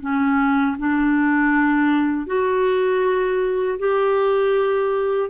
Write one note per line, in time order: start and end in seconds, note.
0.00 0.76 C#4
0.78 2.26 D4
2.26 3.78 F#4
3.79 5.30 G4